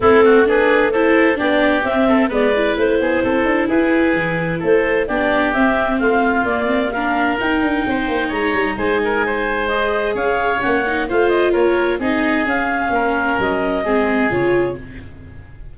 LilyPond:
<<
  \new Staff \with { instrumentName = "clarinet" } { \time 4/4 \tempo 4 = 130 a'4 b'4 c''4 d''4 | e''4 d''4 c''2 | b'2 c''4 d''4 | e''4 f''4 d''4 f''4 |
g''2 ais''4 gis''4~ | gis''4 dis''4 f''4 fis''4 | f''8 dis''8 cis''4 dis''4 f''4~ | f''4 dis''2 cis''4 | }
  \new Staff \with { instrumentName = "oboe" } { \time 4/4 e'8 fis'8 gis'4 a'4 g'4~ | g'8 a'8 b'4. gis'8 a'4 | gis'2 a'4 g'4~ | g'4 f'2 ais'4~ |
ais'4 c''4 cis''4 c''8 ais'8 | c''2 cis''2 | c''4 ais'4 gis'2 | ais'2 gis'2 | }
  \new Staff \with { instrumentName = "viola" } { \time 4/4 c'4 d'4 e'4 d'4 | c'4 b8 e'2~ e'8~ | e'2. d'4 | c'2 ais8 c'8 d'4 |
dis'1~ | dis'4 gis'2 cis'8 dis'8 | f'2 dis'4 cis'4~ | cis'2 c'4 f'4 | }
  \new Staff \with { instrumentName = "tuba" } { \time 4/4 a2. b4 | c'4 gis4 a8 b8 c'8 d'8 | e'4 e4 a4 b4 | c'4 a4 ais2 |
dis'8 d'8 c'8 ais8 gis8 g8 gis4~ | gis2 cis'4 ais4 | a4 ais4 c'4 cis'4 | ais4 fis4 gis4 cis4 | }
>>